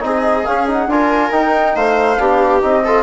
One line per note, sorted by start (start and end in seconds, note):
0.00 0.45 C4
0.00 0.43 D#4
0.00 0.91 G#4
0.00 0.45 D#5
0.45 0.67 C#4
0.45 0.87 C#4
0.45 0.67 F5
0.67 0.88 D#4
0.67 0.91 F#5
0.87 1.30 D4
0.87 1.31 F4
0.87 1.76 A#4
0.87 1.33 G#5
1.31 2.17 D#4
1.31 1.75 D#4
1.31 1.76 G5
1.75 2.18 A3
1.75 2.19 C5
1.75 2.62 F5
2.19 2.62 B3
2.19 2.61 D4
2.19 2.84 G4
2.61 3.03 C4
2.61 2.82 D#4
2.61 3.03 D#5
2.84 3.03 F4
2.84 3.03 A4